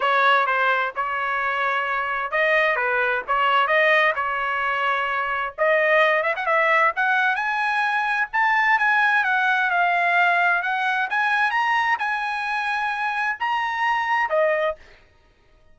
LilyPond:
\new Staff \with { instrumentName = "trumpet" } { \time 4/4 \tempo 4 = 130 cis''4 c''4 cis''2~ | cis''4 dis''4 b'4 cis''4 | dis''4 cis''2. | dis''4. e''16 fis''16 e''4 fis''4 |
gis''2 a''4 gis''4 | fis''4 f''2 fis''4 | gis''4 ais''4 gis''2~ | gis''4 ais''2 dis''4 | }